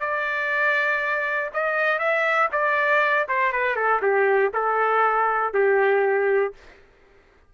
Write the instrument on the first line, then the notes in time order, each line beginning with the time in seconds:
trumpet
0.00 D5
1.54 D#5
1.99 E5
2.52 D5
3.29 C5
3.52 B4
3.76 A4
4.02 G4
4.54 A4
5.54 G4